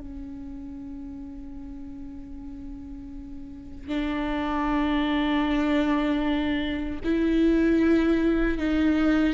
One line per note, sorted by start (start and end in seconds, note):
0.00 3.88 C#4
3.88 7.00 D4
7.04 8.58 E4
8.58 9.34 D#4